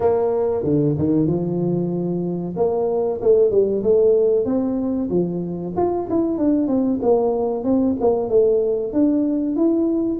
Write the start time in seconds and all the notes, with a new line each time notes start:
0.00 A#3
0.63 D3
0.97 D#3
1.26 F3
2.56 A#3
3.21 A3
3.50 G3
3.83 A3
4.45 C4
5.09 F3
5.76 F4
6.09 E4
6.38 D4
6.67 C4
7.02 A#3
7.64 C4
8.00 A#3
8.29 A3
8.92 D4
9.55 E4